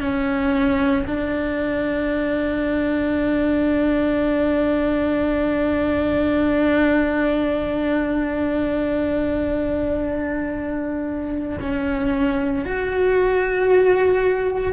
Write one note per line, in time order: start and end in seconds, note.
0.00 1.05 C#4
1.06 11.59 D4
11.59 12.65 C#4
12.65 14.73 F#4